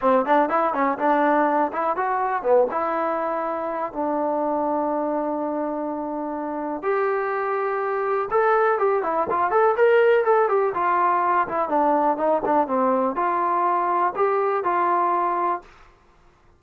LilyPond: \new Staff \with { instrumentName = "trombone" } { \time 4/4 \tempo 4 = 123 c'8 d'8 e'8 cis'8 d'4. e'8 | fis'4 b8 e'2~ e'8 | d'1~ | d'2 g'2~ |
g'4 a'4 g'8 e'8 f'8 a'8 | ais'4 a'8 g'8 f'4. e'8 | d'4 dis'8 d'8 c'4 f'4~ | f'4 g'4 f'2 | }